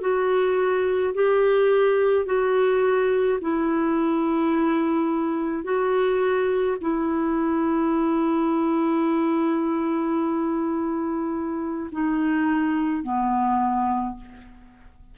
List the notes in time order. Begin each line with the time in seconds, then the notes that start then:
0.00 F#4
1.14 G4
2.25 F#4
3.41 E4
5.63 F#4
6.80 E4
11.91 D#4
13.02 B3